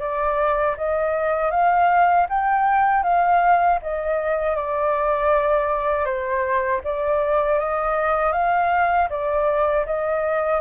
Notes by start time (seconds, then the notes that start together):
0.00 D5
0.77 D#5
1.51 F5
2.30 G5
3.04 F5
3.83 D#5
4.56 D5
6.06 C5
6.84 D5
7.60 D#5
8.33 F5
9.10 D5
9.86 D#5